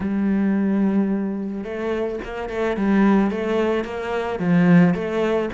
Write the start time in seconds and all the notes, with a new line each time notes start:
0.00 G3
1.64 A3
2.24 A#3
2.49 A3
2.76 G3
3.30 A3
3.84 A#3
4.39 F3
4.94 A3